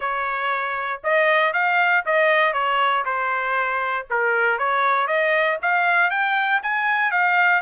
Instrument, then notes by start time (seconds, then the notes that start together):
trumpet
0.00 C#5
1.03 D#5
1.53 F5
2.05 D#5
2.53 C#5
3.05 C5
4.10 A#4
4.58 C#5
5.07 D#5
5.61 F5
6.10 G5
6.62 G#5
7.11 F5